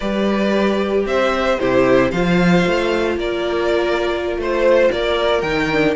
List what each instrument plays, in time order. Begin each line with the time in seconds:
0.00 cello G3, viola G4, violin B4 D5
1.05 cello C4, violin C5 E5
1.59 cello C3, viola E4, violin G4 C5
2.11 cello F3, viola F4, violin C5 F5
2.66 cello A3
3.16 cello A#3, violin A#4 D5
4.36 cello A3, violin C5
4.91 cello A#3, violin A#4 D5
5.41 cello D#3, viola D#4, violin G5
5.72 viola D4